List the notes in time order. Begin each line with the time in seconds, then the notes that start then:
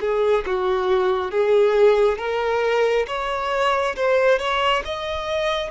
0.00 G#4
0.46 F#4
1.31 G#4
2.18 A#4
3.07 C#5
3.96 C5
4.38 C#5
4.85 D#5